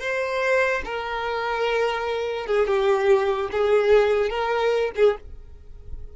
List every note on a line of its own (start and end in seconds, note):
0.00 0.82 C5
0.85 2.46 A#4
2.46 2.67 G#4
2.67 3.49 G4
3.51 4.29 G#4
4.29 4.91 A#4
4.96 5.16 G#4